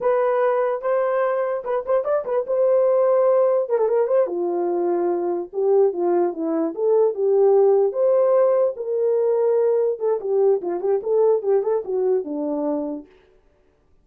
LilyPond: \new Staff \with { instrumentName = "horn" } { \time 4/4 \tempo 4 = 147 b'2 c''2 | b'8 c''8 d''8 b'8 c''2~ | c''4 ais'16 a'16 ais'8 c''8 f'4.~ | f'4. g'4 f'4 e'8~ |
e'8 a'4 g'2 c''8~ | c''4. ais'2~ ais'8~ | ais'8 a'8 g'4 f'8 g'8 a'4 | g'8 a'8 fis'4 d'2 | }